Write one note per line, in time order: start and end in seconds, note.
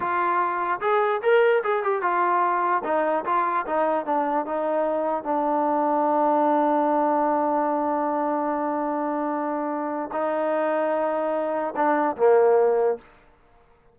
0.00 0.80 F4
0.80 1.21 G#4
1.22 1.62 A#4
1.63 1.83 G#4
1.83 2.01 G4
2.01 2.82 F4
2.84 3.24 D#4
3.25 3.65 F4
3.66 4.05 D#4
4.05 4.45 D4
4.45 5.24 D#4
5.24 10.10 D4
10.12 11.74 D#4
11.76 12.16 D4
12.16 12.97 A#3